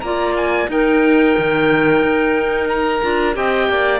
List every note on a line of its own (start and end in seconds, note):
0.00 0.68 A#3
0.00 0.68 F4
0.00 0.70 D5
0.00 0.33 A#5
0.36 0.70 G#5
0.68 3.01 D#4
0.68 1.35 D#4
0.68 3.37 A#4
0.68 2.68 G5
1.38 2.02 D#3
2.02 3.02 D#4
2.68 3.35 A#5
3.01 3.35 D4
3.01 3.33 F4
3.33 3.68 C4
3.33 3.99 G4
3.33 3.70 D#5
3.33 3.99 G5
3.68 3.99 A#3
3.68 3.99 D5